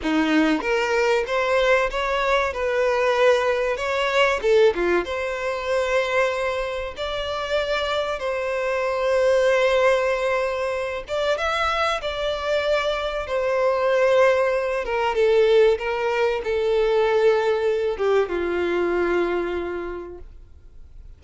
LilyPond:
\new Staff \with { instrumentName = "violin" } { \time 4/4 \tempo 4 = 95 dis'4 ais'4 c''4 cis''4 | b'2 cis''4 a'8 f'8 | c''2. d''4~ | d''4 c''2.~ |
c''4. d''8 e''4 d''4~ | d''4 c''2~ c''8 ais'8 | a'4 ais'4 a'2~ | a'8 g'8 f'2. | }